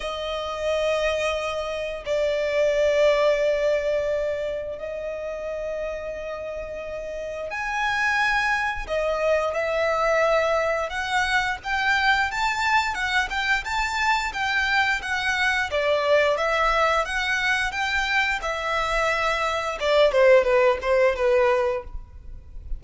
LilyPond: \new Staff \with { instrumentName = "violin" } { \time 4/4 \tempo 4 = 88 dis''2. d''4~ | d''2. dis''4~ | dis''2. gis''4~ | gis''4 dis''4 e''2 |
fis''4 g''4 a''4 fis''8 g''8 | a''4 g''4 fis''4 d''4 | e''4 fis''4 g''4 e''4~ | e''4 d''8 c''8 b'8 c''8 b'4 | }